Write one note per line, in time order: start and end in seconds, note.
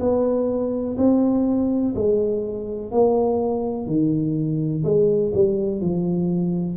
0.00 0.97 B3
0.97 1.94 C4
1.95 2.92 G#3
2.92 3.87 A#3
3.87 4.83 D#3
4.84 5.32 G#3
5.34 5.81 G3
5.81 6.77 F3